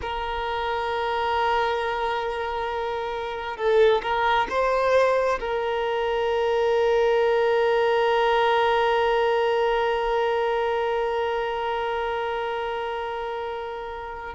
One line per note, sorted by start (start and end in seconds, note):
0.01 3.56 A#4
3.56 4.01 A4
4.02 4.47 A#4
4.49 5.39 C5
5.40 14.34 A#4